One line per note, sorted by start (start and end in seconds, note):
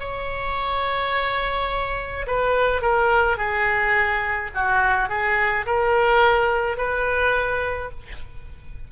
0.00 2.26 C#5
2.27 2.82 B4
2.82 3.38 A#4
3.38 4.51 G#4
4.55 5.09 F#4
5.09 5.66 G#4
5.66 6.78 A#4
6.78 7.91 B4